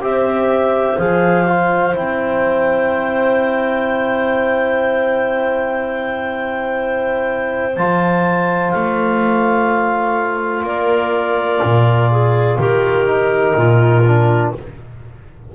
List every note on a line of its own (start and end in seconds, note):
0.00 0.97 C4
0.00 0.98 G4
0.00 10.66 C5
0.00 0.98 E5
0.98 1.95 F3
0.98 1.47 G#4
0.98 1.95 F5
1.47 1.93 F4
1.93 7.77 C4
1.93 7.73 E4
1.93 7.77 G5
7.77 8.74 F3
7.77 13.06 F4
7.77 8.71 A5
8.71 10.63 A3
8.71 10.64 F5
10.63 11.59 A#3
10.63 12.11 A#4
10.63 12.59 D5
11.63 12.58 A#2
12.11 12.59 G#4
12.58 13.55 D#3
12.58 13.56 G4
12.58 14.53 A#4
13.06 14.03 D#4
13.56 14.52 A#2
13.56 14.54 F4
14.07 14.55 D4